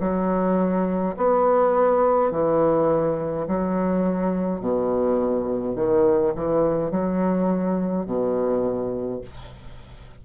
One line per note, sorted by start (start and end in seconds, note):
0.00 1.15 F#3
1.17 2.31 B3
2.31 3.47 E3
3.47 4.60 F#3
4.60 5.75 B2
5.75 6.33 D#3
6.35 6.91 E3
6.91 8.06 F#3
8.06 9.21 B2